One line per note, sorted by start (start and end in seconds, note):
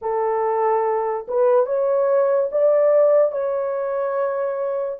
0.01 1.26 A4
1.27 1.66 B4
1.66 2.49 C#5
2.52 3.32 D5
3.32 4.98 C#5